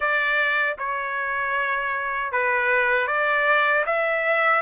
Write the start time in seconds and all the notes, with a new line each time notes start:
0.00 D5
0.78 C#5
2.31 B4
3.07 D5
3.86 E5